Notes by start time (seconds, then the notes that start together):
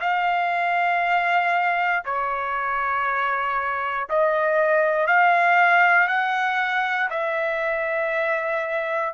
0.00 F5
2.05 C#5
4.10 D#5
5.07 F5
6.07 F#5
7.10 E5